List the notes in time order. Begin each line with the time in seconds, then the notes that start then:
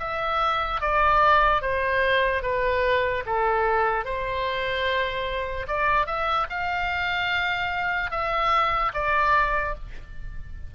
0.00 E5
0.81 D5
1.62 C5
2.43 B4
3.26 A4
4.05 C5
5.68 D5
6.07 E5
6.50 F5
8.11 E5
8.94 D5